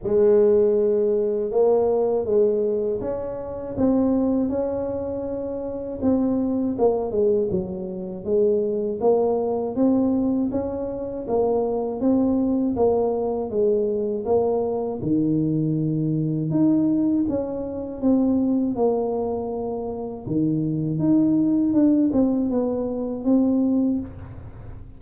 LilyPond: \new Staff \with { instrumentName = "tuba" } { \time 4/4 \tempo 4 = 80 gis2 ais4 gis4 | cis'4 c'4 cis'2 | c'4 ais8 gis8 fis4 gis4 | ais4 c'4 cis'4 ais4 |
c'4 ais4 gis4 ais4 | dis2 dis'4 cis'4 | c'4 ais2 dis4 | dis'4 d'8 c'8 b4 c'4 | }